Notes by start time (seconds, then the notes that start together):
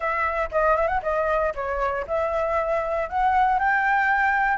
0.00 E5
0.51 D#5
0.76 E5
0.87 F#5
1.02 D#5
1.54 C#5
2.07 E5
3.09 F#5
3.59 G5